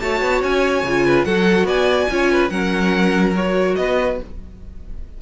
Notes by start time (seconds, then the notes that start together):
0.00 A3 F#4 C#5 A5
0.22 B3
0.43 C#4 G#5
0.83 C#3 F4
1.06 B4
1.25 F#3 F#4 A4 F#5
1.64 B3 D5 G#5
2.10 C#4 F4 C#5
2.32 B4
2.50 F#3 C#4 A#4 F#5
3.36 F#4 C#5
3.76 B3 B4 D#5